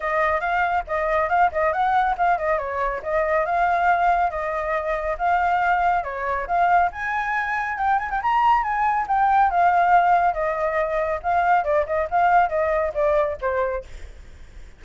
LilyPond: \new Staff \with { instrumentName = "flute" } { \time 4/4 \tempo 4 = 139 dis''4 f''4 dis''4 f''8 dis''8 | fis''4 f''8 dis''8 cis''4 dis''4 | f''2 dis''2 | f''2 cis''4 f''4 |
gis''2 g''8 gis''16 g''16 ais''4 | gis''4 g''4 f''2 | dis''2 f''4 d''8 dis''8 | f''4 dis''4 d''4 c''4 | }